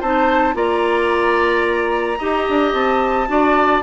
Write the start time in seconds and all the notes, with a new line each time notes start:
0.00 C4 D#4 C5 A5
0.53 A#3 F4 D5 A#5
2.19 D#4 G4 D#5
2.49 D4
2.74 C4 A5
3.27 D4 F#4 D5